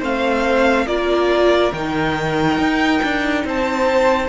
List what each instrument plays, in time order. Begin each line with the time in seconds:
0.00 cello A3, viola C4, violin C5 F5
0.87 cello A#3, viola F4, violin A#4 D5
1.73 cello D#3, viola D#4, violin G5
2.58 cello D#4
3.03 cello D4
3.45 cello C4, violin C5 A5